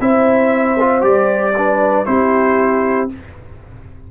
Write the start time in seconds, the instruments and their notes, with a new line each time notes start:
0.00 tuba C4, trombone E4, horn C5, trumpet E5
0.80 trombone F4
1.01 tuba G3, trombone G4, trumpet D5
1.57 trombone D4, horn B4
2.06 tuba C4, trombone E4, horn G4, trumpet C5